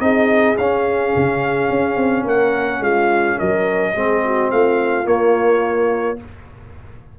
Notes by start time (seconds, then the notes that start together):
0.00 C4 D#4 G#4 D#5
0.58 C#4 F5
1.16 C#3
1.70 C#4
1.96 C4
2.24 A#3 A#4 F#5
2.80 G#3 F4 F5
3.36 F#3 A#4 D#5
3.95 G#3 C4 G#4
4.25 F#4
4.51 A3 F4 F5
5.04 A#3 C#5